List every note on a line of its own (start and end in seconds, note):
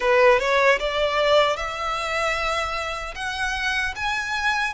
0.00 0.39 B4
0.39 0.79 C#5
0.79 1.56 D5
1.56 3.14 E5
3.15 3.94 F#5
3.95 4.73 G#5